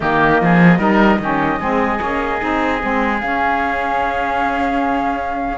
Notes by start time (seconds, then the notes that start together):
0.00 D#3 A#3 G4 D#5
0.41 F3 G#4
0.78 G3 D#4 A#4
1.19 D#3 C#4 G4
1.59 G#3 C4 G#4
1.98 A#3 C#4
2.39 C4 D#4
2.81 G#3 C4
3.20 C#4 F5